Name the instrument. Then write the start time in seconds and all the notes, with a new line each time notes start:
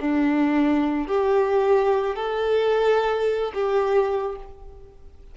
violin
0.00 D4
1.08 G4
2.16 A4
3.54 G4